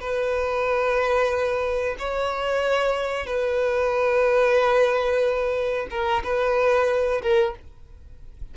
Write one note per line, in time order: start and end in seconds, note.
0.00 1.96 B4
1.99 3.26 C#5
3.26 5.87 B4
5.90 6.23 A#4
6.23 7.21 B4
7.22 7.54 A#4